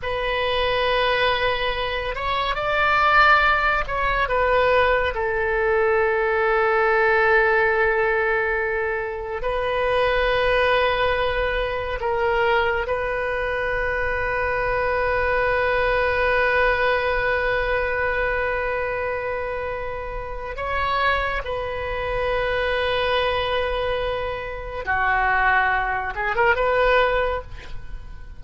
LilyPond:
\new Staff \with { instrumentName = "oboe" } { \time 4/4 \tempo 4 = 70 b'2~ b'8 cis''8 d''4~ | d''8 cis''8 b'4 a'2~ | a'2. b'4~ | b'2 ais'4 b'4~ |
b'1~ | b'1 | cis''4 b'2.~ | b'4 fis'4. gis'16 ais'16 b'4 | }